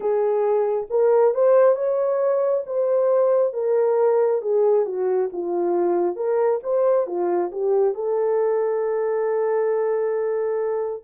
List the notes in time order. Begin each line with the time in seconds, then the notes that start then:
0.00 G#4
0.90 A#4
1.34 C5
1.75 C#5
2.66 C5
3.53 A#4
4.41 G#4
4.85 F#4
5.32 F4
6.16 A#4
6.63 C5
7.06 F4
7.51 G4
7.94 A4